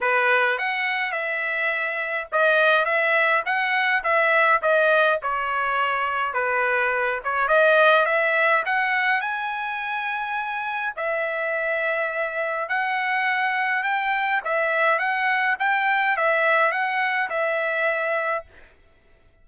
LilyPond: \new Staff \with { instrumentName = "trumpet" } { \time 4/4 \tempo 4 = 104 b'4 fis''4 e''2 | dis''4 e''4 fis''4 e''4 | dis''4 cis''2 b'4~ | b'8 cis''8 dis''4 e''4 fis''4 |
gis''2. e''4~ | e''2 fis''2 | g''4 e''4 fis''4 g''4 | e''4 fis''4 e''2 | }